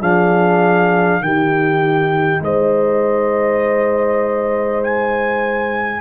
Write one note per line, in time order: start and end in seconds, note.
0.00 1.21 F3
0.00 1.22 D4
0.00 1.20 G#4
0.00 1.23 F5
1.22 2.41 D#3
1.22 6.02 D#4
1.22 2.44 G4
1.22 2.43 G5
2.41 6.01 G#3
2.41 6.02 C5
2.41 4.84 D#5
4.84 6.02 G#5